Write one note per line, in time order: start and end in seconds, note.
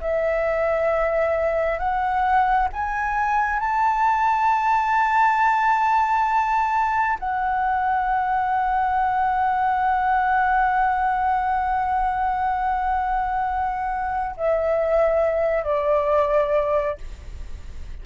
0.00 1.79 E5
1.79 2.68 F#5
2.73 3.59 G#5
3.59 7.18 A5
7.19 14.35 F#5
14.36 15.64 E5
15.64 16.98 D5